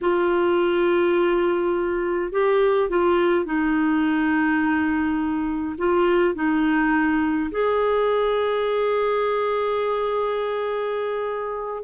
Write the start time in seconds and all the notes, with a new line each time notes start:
0.01 F4
2.32 G4
2.89 F4
3.45 D#4
5.77 F4
6.35 D#4
7.51 G#4